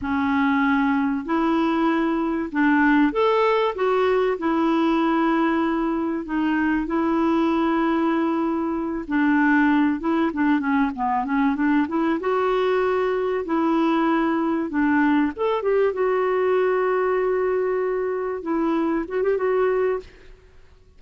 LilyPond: \new Staff \with { instrumentName = "clarinet" } { \time 4/4 \tempo 4 = 96 cis'2 e'2 | d'4 a'4 fis'4 e'4~ | e'2 dis'4 e'4~ | e'2~ e'8 d'4. |
e'8 d'8 cis'8 b8 cis'8 d'8 e'8 fis'8~ | fis'4. e'2 d'8~ | d'8 a'8 g'8 fis'2~ fis'8~ | fis'4. e'4 fis'16 g'16 fis'4 | }